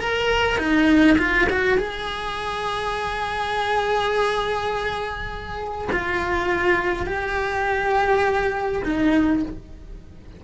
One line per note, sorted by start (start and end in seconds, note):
0.00 0.58 A#4
0.58 1.17 D#4
1.18 1.48 F4
1.50 1.78 F#4
1.78 5.89 G#4
5.92 7.06 F4
7.06 8.83 G4
8.84 9.43 D#4